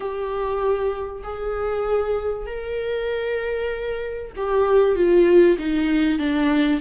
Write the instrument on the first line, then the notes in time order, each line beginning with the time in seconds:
viola
0.00 G4
1.23 G#4
2.46 A#4
4.36 G4
4.95 F4
5.58 D#4
6.18 D4